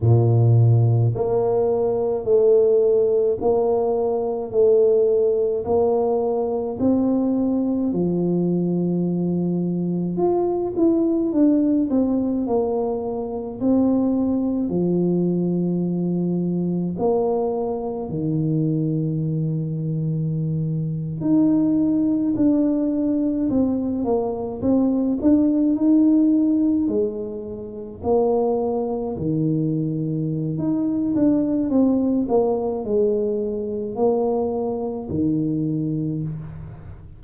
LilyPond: \new Staff \with { instrumentName = "tuba" } { \time 4/4 \tempo 4 = 53 ais,4 ais4 a4 ais4 | a4 ais4 c'4 f4~ | f4 f'8 e'8 d'8 c'8 ais4 | c'4 f2 ais4 |
dis2~ dis8. dis'4 d'16~ | d'8. c'8 ais8 c'8 d'8 dis'4 gis16~ | gis8. ais4 dis4~ dis16 dis'8 d'8 | c'8 ais8 gis4 ais4 dis4 | }